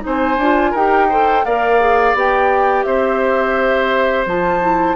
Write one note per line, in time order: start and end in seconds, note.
0.00 0.37 C4
0.00 0.35 D#4
0.00 0.71 C5
0.00 0.76 G#5
0.37 0.72 D4
0.37 0.76 F4
0.71 1.44 D#4
0.71 1.11 G4
0.71 1.06 A#4
0.71 1.45 G5
1.09 1.45 A4
1.09 1.44 C5
1.45 2.14 A#3
1.45 1.80 A#4
1.45 2.85 D5
1.45 2.15 F5
1.80 2.15 G#4
2.14 2.84 B3
2.14 4.27 G4
2.14 2.83 G5
2.83 4.25 C4
2.83 4.96 C5
2.83 4.24 E5
4.25 4.96 F3
4.25 4.61 F4
4.25 4.96 A5
4.61 4.96 E4